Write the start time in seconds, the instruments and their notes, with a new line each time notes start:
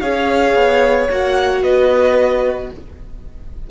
0.00 cello C#4, viola G#4, violin C#5 F5
0.55 cello B3
1.10 cello A#3, viola F#4, violin F#5
1.63 cello B3, violin B4 D#5